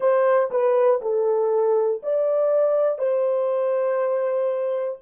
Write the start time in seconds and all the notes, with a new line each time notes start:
0.00 C5
0.50 B4
1.01 A4
2.02 D5
2.98 C5